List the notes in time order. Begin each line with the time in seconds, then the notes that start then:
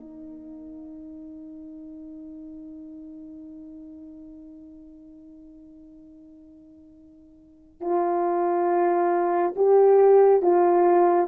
0.00 D#4
7.80 F4
9.56 G4
10.42 F4